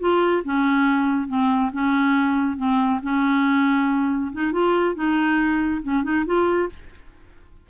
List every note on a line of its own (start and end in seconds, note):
0.00 0.43 F4
0.45 1.28 C#4
1.28 1.71 C4
1.73 2.57 C#4
2.57 3.00 C4
3.03 4.32 C#4
4.33 4.52 D#4
4.52 4.95 F4
4.95 5.82 D#4
5.83 6.04 C#4
6.04 6.26 D#4
6.26 6.69 F4